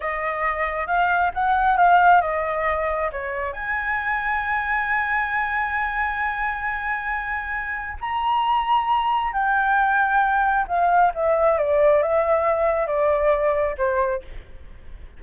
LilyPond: \new Staff \with { instrumentName = "flute" } { \time 4/4 \tempo 4 = 135 dis''2 f''4 fis''4 | f''4 dis''2 cis''4 | gis''1~ | gis''1~ |
gis''2 ais''2~ | ais''4 g''2. | f''4 e''4 d''4 e''4~ | e''4 d''2 c''4 | }